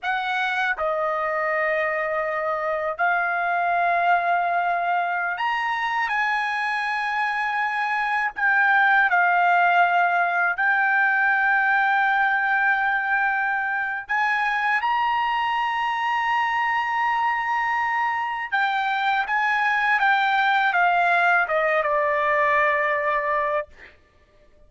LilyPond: \new Staff \with { instrumentName = "trumpet" } { \time 4/4 \tempo 4 = 81 fis''4 dis''2. | f''2.~ f''16 ais''8.~ | ais''16 gis''2. g''8.~ | g''16 f''2 g''4.~ g''16~ |
g''2. gis''4 | ais''1~ | ais''4 g''4 gis''4 g''4 | f''4 dis''8 d''2~ d''8 | }